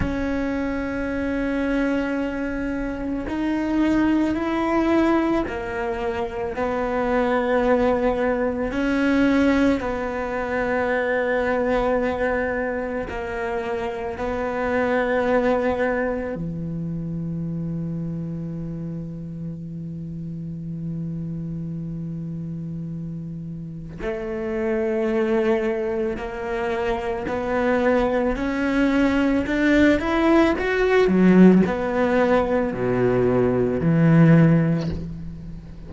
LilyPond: \new Staff \with { instrumentName = "cello" } { \time 4/4 \tempo 4 = 55 cis'2. dis'4 | e'4 ais4 b2 | cis'4 b2. | ais4 b2 e4~ |
e1~ | e2 a2 | ais4 b4 cis'4 d'8 e'8 | fis'8 fis8 b4 b,4 e4 | }